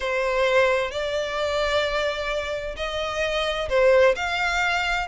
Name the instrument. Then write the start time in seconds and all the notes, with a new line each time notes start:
violin
0.00 C5
0.91 D5
2.76 D#5
3.69 C5
4.15 F5